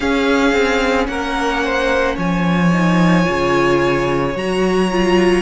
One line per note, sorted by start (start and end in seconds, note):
0.00 2.72 C#4
0.00 0.52 C#4
0.00 1.08 G#4
0.00 1.07 F5
0.52 1.07 C4
1.07 2.17 A#3
1.07 1.64 A#4
1.07 2.16 F#5
1.64 2.15 C5
2.15 3.26 F3
2.15 5.42 C#5
2.15 4.37 G#5
2.72 3.24 D#4
3.24 4.35 C#3
3.24 4.33 F4
4.35 5.42 F#3
4.35 4.91 F#4
4.35 5.42 A#5
4.91 5.42 F4